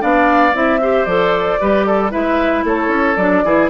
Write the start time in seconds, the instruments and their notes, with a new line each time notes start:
0.00 bassoon B3, clarinet D4, oboe D5, flute F5
0.53 bassoon C4, clarinet E4, flute E5
0.82 clarinet G4, oboe C5
1.05 bassoon F3, clarinet A4, flute D5
1.60 bassoon G3, clarinet G4, oboe B4
1.87 oboe A4
2.10 bassoon G#3, clarinet E4, oboe B4, flute E5
2.64 bassoon A3, oboe A4, flute C#5
2.88 bassoon C#4
3.16 bassoon F#3, clarinet D4, flute D5
3.44 bassoon E3, clarinet E4, oboe G#4